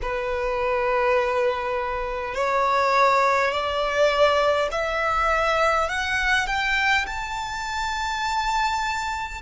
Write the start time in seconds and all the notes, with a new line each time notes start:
0.02 B4
2.34 C#5
3.51 D5
4.71 E5
5.88 F#5
6.47 G5
7.06 A5